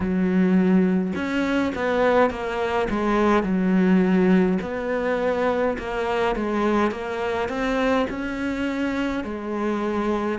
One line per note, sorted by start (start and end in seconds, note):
0.00 1.13 F#3
1.15 1.73 C#4
1.75 2.30 B3
2.30 2.88 A#3
2.90 3.43 G#3
3.43 4.58 F#3
4.62 5.77 B3
5.78 6.35 A#3
6.35 6.91 G#3
6.91 7.48 A#3
7.48 8.06 C4
8.09 9.24 C#4
9.24 10.38 G#3